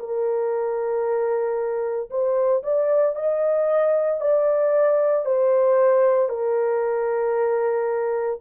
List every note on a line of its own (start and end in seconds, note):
0.00 2.11 A#4
2.11 2.63 C5
2.64 3.16 D5
3.16 4.21 D#5
4.21 5.26 D5
5.26 6.30 C5
6.30 8.40 A#4